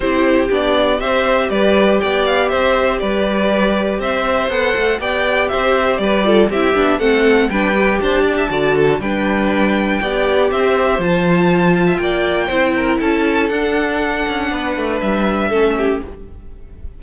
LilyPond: <<
  \new Staff \with { instrumentName = "violin" } { \time 4/4 \tempo 4 = 120 c''4 d''4 e''4 d''4 | g''8 f''8 e''4 d''2 | e''4 fis''4 g''4 e''4 | d''4 e''4 fis''4 g''4 |
a''2 g''2~ | g''4 e''4 a''2 | g''2 a''4 fis''4~ | fis''2 e''2 | }
  \new Staff \with { instrumentName = "violin" } { \time 4/4 g'2 c''4 b'4 | d''4 c''4 b'2 | c''2 d''4 c''4 | b'8 a'8 g'4 a'4 b'4 |
c''8 d''16 e''16 d''8 a'8 b'2 | d''4 c''2~ c''8. e''16 | d''4 c''8 ais'8 a'2~ | a'4 b'2 a'8 g'8 | }
  \new Staff \with { instrumentName = "viola" } { \time 4/4 e'4 d'4 g'2~ | g'1~ | g'4 a'4 g'2~ | g'8 f'8 e'8 d'8 c'4 d'8 g'8~ |
g'4 fis'4 d'2 | g'2 f'2~ | f'4 e'2 d'4~ | d'2. cis'4 | }
  \new Staff \with { instrumentName = "cello" } { \time 4/4 c'4 b4 c'4 g4 | b4 c'4 g2 | c'4 b8 a8 b4 c'4 | g4 c'8 b8 a4 g4 |
d'4 d4 g2 | b4 c'4 f2 | ais4 c'4 cis'4 d'4~ | d'8 cis'8 b8 a8 g4 a4 | }
>>